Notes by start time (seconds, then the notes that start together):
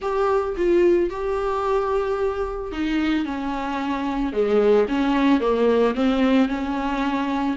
0.01 G4
0.57 F4
1.10 G4
2.72 D#4
3.25 C#4
4.32 G#3
4.88 C#4
5.40 A#3
5.95 C4
6.48 C#4